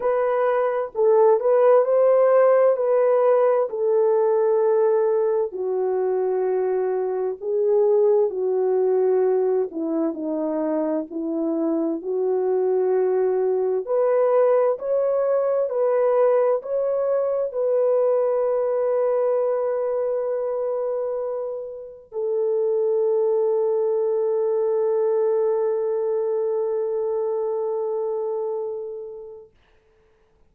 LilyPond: \new Staff \with { instrumentName = "horn" } { \time 4/4 \tempo 4 = 65 b'4 a'8 b'8 c''4 b'4 | a'2 fis'2 | gis'4 fis'4. e'8 dis'4 | e'4 fis'2 b'4 |
cis''4 b'4 cis''4 b'4~ | b'1 | a'1~ | a'1 | }